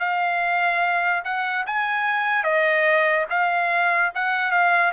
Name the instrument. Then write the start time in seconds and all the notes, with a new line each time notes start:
trumpet
0.00 F5
1.24 F#5
1.66 G#5
2.44 D#5
3.30 F5
4.15 F#5
4.51 F5